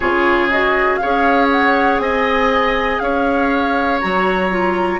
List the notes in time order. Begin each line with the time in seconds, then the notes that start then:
0.00 C#3 F4 G#4 C#5
0.50 F#4 D#5
0.96 G#4 C#5 F5
1.03 C#4
1.51 F#5
1.99 C4 D#5 G#5
2.99 C#4 C#5 F5
4.00 F#3 F#4 A#5
4.50 F4